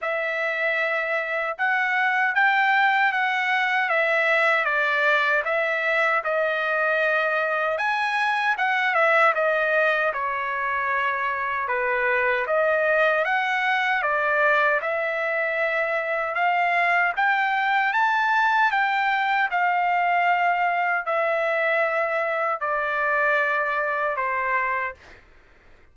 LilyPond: \new Staff \with { instrumentName = "trumpet" } { \time 4/4 \tempo 4 = 77 e''2 fis''4 g''4 | fis''4 e''4 d''4 e''4 | dis''2 gis''4 fis''8 e''8 | dis''4 cis''2 b'4 |
dis''4 fis''4 d''4 e''4~ | e''4 f''4 g''4 a''4 | g''4 f''2 e''4~ | e''4 d''2 c''4 | }